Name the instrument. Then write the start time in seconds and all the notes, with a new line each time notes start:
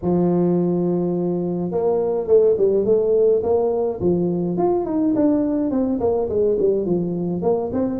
tuba
0.02 F3
1.71 A#3
2.27 A3
2.57 G3
2.85 A3
3.43 A#3
4.00 F3
4.57 F4
4.85 D#4
5.15 D4
5.71 C4
6.00 A#3
6.29 G#3
6.59 G3
6.85 F3
7.42 A#3
7.72 C4